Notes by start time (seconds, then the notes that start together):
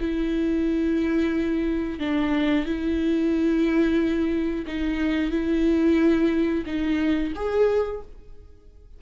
0.00 E4
1.99 D4
2.65 E4
4.67 D#4
5.31 E4
6.66 D#4
7.35 G#4